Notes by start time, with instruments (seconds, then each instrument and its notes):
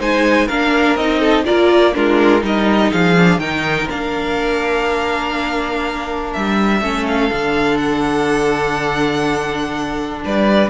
0.00 cello G#3, viola D#4, violin C5 G#5
0.47 cello A#3, viola D4, violin A#4 F5
0.95 cello C4, viola D#4, violin D#5
1.20 violin A4
1.45 cello A#3, viola F4, violin A#4 D5
1.94 cello G#3, viola D4, violin F4 A#4
2.41 cello G3, viola D#4, violin A#4 D#5
2.92 cello F3, violin G#4 F5
3.17 viola D4
3.38 cello D#3, viola D#4, violin A#4 G5
3.89 cello A#3, viola D4, violin F5
6.33 cello G3, violin E5
6.80 cello A3, viola C#4, violin A4
7.07 violin F5
7.31 cello D3, viola D4
7.78 violin F#5
10.25 cello G3, violin B4 D5